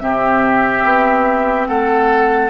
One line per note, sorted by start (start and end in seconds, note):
0.00 0.85 C3
0.00 2.50 C4
0.00 1.69 G4
0.00 1.67 E5
0.85 1.68 B3
1.67 2.50 A3
1.67 2.50 A4
1.67 2.50 F#5